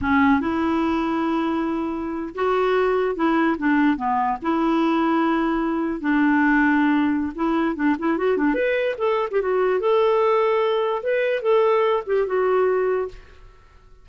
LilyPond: \new Staff \with { instrumentName = "clarinet" } { \time 4/4 \tempo 4 = 147 cis'4 e'2.~ | e'4.~ e'16 fis'2 e'16~ | e'8. d'4 b4 e'4~ e'16~ | e'2~ e'8. d'4~ d'16~ |
d'2 e'4 d'8 e'8 | fis'8 d'8 b'4 a'8. g'16 fis'4 | a'2. b'4 | a'4. g'8 fis'2 | }